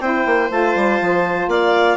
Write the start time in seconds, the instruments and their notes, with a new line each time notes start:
0.00 bassoon C4, saxophone E4, violin C5, clarinet G5
0.25 bassoon A#3
0.50 bassoon A3, saxophone F4, clarinet A5
0.75 bassoon G3
1.01 bassoon F3
1.47 bassoon A#3, violin D5, clarinet F5